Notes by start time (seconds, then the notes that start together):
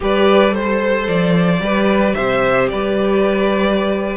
0.00 G3 G4 B4 D5
0.49 A4 C5
1.07 F3 D5
1.60 G3 G4 B4
2.14 C3 C5 E5
2.69 G3 B4 D5